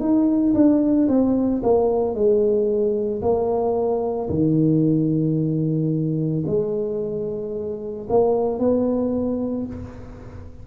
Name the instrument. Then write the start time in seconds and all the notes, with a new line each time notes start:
tuba
0.00 D#4
0.55 D4
1.09 C4
1.63 A#3
2.15 G#3
3.22 A#3
4.30 D#3
6.47 G#3
8.10 A#3
8.59 B3